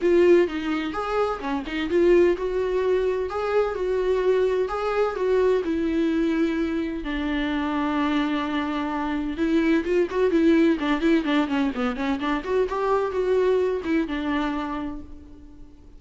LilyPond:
\new Staff \with { instrumentName = "viola" } { \time 4/4 \tempo 4 = 128 f'4 dis'4 gis'4 cis'8 dis'8 | f'4 fis'2 gis'4 | fis'2 gis'4 fis'4 | e'2. d'4~ |
d'1 | e'4 f'8 fis'8 e'4 d'8 e'8 | d'8 cis'8 b8 cis'8 d'8 fis'8 g'4 | fis'4. e'8 d'2 | }